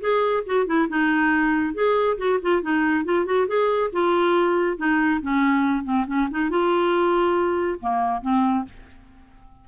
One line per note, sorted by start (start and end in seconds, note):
0.00 0.43 G#4
0.46 0.66 F#4
0.66 0.88 E4
0.88 1.74 D#4
1.74 2.17 G#4
2.17 2.39 F#4
2.42 2.62 F4
2.62 3.04 D#4
3.04 3.25 F4
3.25 3.47 F#4
3.47 3.91 G#4
3.92 4.77 F4
4.77 5.20 D#4
5.22 5.84 C#4
5.84 6.05 C4
6.07 6.28 C#4
6.31 6.50 D#4
6.50 7.79 F4
7.80 8.21 A#3
8.21 8.64 C4